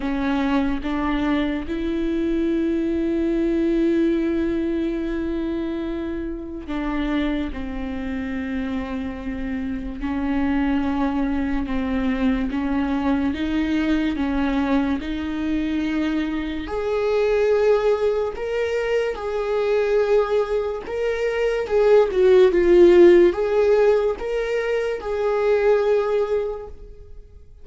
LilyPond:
\new Staff \with { instrumentName = "viola" } { \time 4/4 \tempo 4 = 72 cis'4 d'4 e'2~ | e'1 | d'4 c'2. | cis'2 c'4 cis'4 |
dis'4 cis'4 dis'2 | gis'2 ais'4 gis'4~ | gis'4 ais'4 gis'8 fis'8 f'4 | gis'4 ais'4 gis'2 | }